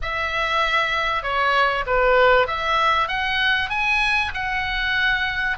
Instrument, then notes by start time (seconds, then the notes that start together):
oboe
0.01 E5
1.23 C#5
1.86 B4
2.47 E5
3.08 F#5
3.69 G#5
4.34 F#5